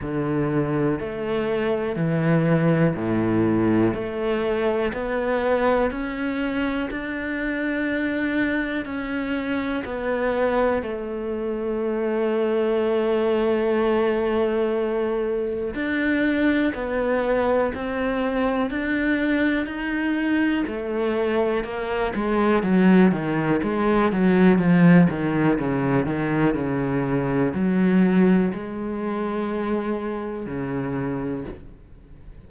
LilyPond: \new Staff \with { instrumentName = "cello" } { \time 4/4 \tempo 4 = 61 d4 a4 e4 a,4 | a4 b4 cis'4 d'4~ | d'4 cis'4 b4 a4~ | a1 |
d'4 b4 c'4 d'4 | dis'4 a4 ais8 gis8 fis8 dis8 | gis8 fis8 f8 dis8 cis8 dis8 cis4 | fis4 gis2 cis4 | }